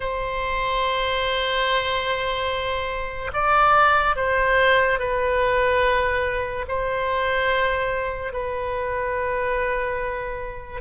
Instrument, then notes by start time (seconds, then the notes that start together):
oboe
0.00 C5
3.33 D5
4.16 C5
4.98 B4
6.67 C5
8.32 B4